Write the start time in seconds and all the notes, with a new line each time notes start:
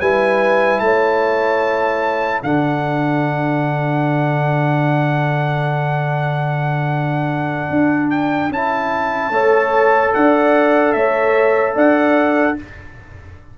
0.00 G3 E4 B4 G#5
0.79 A3 C#5 A5
2.42 D3 D4 A4 F#5
7.69 D4
8.10 G5
8.49 C#4 E4 A5
9.30 A3 A4 C#5
10.14 D4 D5 F#5
10.92 A3 C#5 E5
11.75 D4 D5 F#5